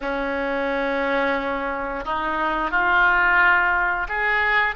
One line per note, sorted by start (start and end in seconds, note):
0.00 2.04 C#4
2.04 2.71 D#4
2.71 4.07 F4
4.08 4.75 G#4